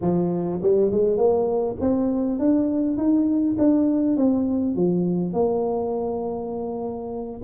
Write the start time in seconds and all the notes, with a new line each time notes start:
0.01 F3
0.62 G3
0.91 G#3
1.17 A#3
1.80 C4
2.39 D4
2.97 D#4
3.58 D4
4.16 C4
4.75 F3
5.33 A#3